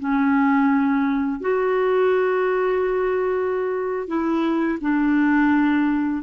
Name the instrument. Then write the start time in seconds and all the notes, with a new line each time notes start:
clarinet
0.00 C#4
1.41 F#4
4.08 E4
4.81 D4